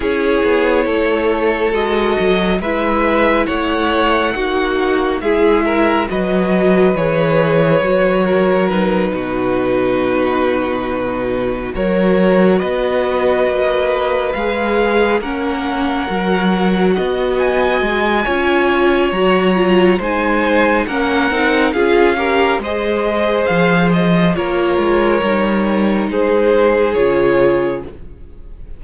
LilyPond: <<
  \new Staff \with { instrumentName = "violin" } { \time 4/4 \tempo 4 = 69 cis''2 dis''4 e''4 | fis''2 e''4 dis''4 | cis''2 b'2~ | b'4. cis''4 dis''4.~ |
dis''8 f''4 fis''2~ fis''8 | gis''2 ais''4 gis''4 | fis''4 f''4 dis''4 f''8 dis''8 | cis''2 c''4 cis''4 | }
  \new Staff \with { instrumentName = "violin" } { \time 4/4 gis'4 a'2 b'4 | cis''4 fis'4 gis'8 ais'8 b'4~ | b'4. ais'4 fis'4.~ | fis'4. ais'4 b'4.~ |
b'4. ais'2 dis''8~ | dis''4 cis''2 c''4 | ais'4 gis'8 ais'8 c''2 | ais'2 gis'2 | }
  \new Staff \with { instrumentName = "viola" } { \time 4/4 e'2 fis'4 e'4~ | e'4 dis'4 e'4 fis'4 | gis'4 fis'4 dis'2~ | dis'4. fis'2~ fis'8~ |
fis'8 gis'4 cis'4 fis'4.~ | fis'4 f'4 fis'8 f'8 dis'4 | cis'8 dis'8 f'8 g'8 gis'2 | f'4 dis'2 f'4 | }
  \new Staff \with { instrumentName = "cello" } { \time 4/4 cis'8 b8 a4 gis8 fis8 gis4 | a4 ais4 gis4 fis4 | e4 fis4. b,4.~ | b,4. fis4 b4 ais8~ |
ais8 gis4 ais4 fis4 b8~ | b8 gis8 cis'4 fis4 gis4 | ais8 c'8 cis'4 gis4 f4 | ais8 gis8 g4 gis4 cis4 | }
>>